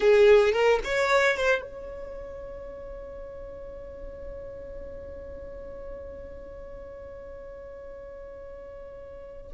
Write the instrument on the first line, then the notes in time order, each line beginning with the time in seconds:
violin
0.00 G#4
0.52 A#4
0.84 C#5
1.36 C5
1.61 C#5